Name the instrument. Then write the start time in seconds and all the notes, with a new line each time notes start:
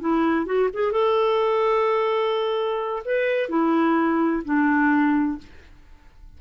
clarinet
0.00 E4
0.45 F#4
0.73 G#4
0.91 A4
3.05 B4
3.49 E4
4.44 D4